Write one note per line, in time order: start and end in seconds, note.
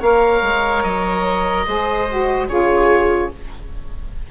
0.00 0.42 A#3
0.00 1.66 A#4
0.00 1.64 C#5
0.00 0.83 F5
0.42 0.83 G#3
0.83 1.66 F#3
0.83 2.48 D#5
1.66 2.49 G#3
1.66 2.07 G#4
1.66 2.48 C5
2.08 2.48 F#4
2.48 3.31 C#3
2.48 3.31 F4
2.48 3.30 G#4
2.48 3.30 C#5